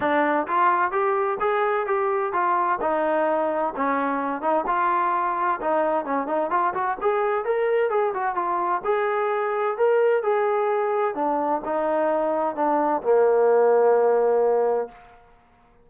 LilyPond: \new Staff \with { instrumentName = "trombone" } { \time 4/4 \tempo 4 = 129 d'4 f'4 g'4 gis'4 | g'4 f'4 dis'2 | cis'4. dis'8 f'2 | dis'4 cis'8 dis'8 f'8 fis'8 gis'4 |
ais'4 gis'8 fis'8 f'4 gis'4~ | gis'4 ais'4 gis'2 | d'4 dis'2 d'4 | ais1 | }